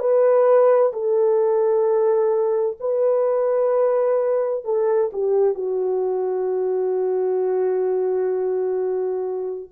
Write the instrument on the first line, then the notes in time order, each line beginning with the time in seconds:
horn
0.00 B4
0.93 A4
2.80 B4
4.65 A4
5.13 G4
5.55 F#4